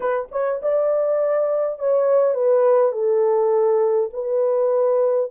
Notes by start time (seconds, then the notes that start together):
0.00 B4
0.31 C#5
0.61 D5
1.79 C#5
2.34 B4
2.91 A4
4.13 B4